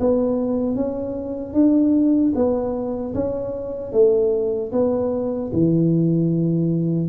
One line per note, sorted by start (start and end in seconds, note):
0.00 0.75 B3
0.75 1.54 C#4
1.54 2.33 D4
2.35 3.14 B3
3.14 3.92 C#4
3.92 4.71 A3
4.72 5.51 B3
5.53 7.08 E3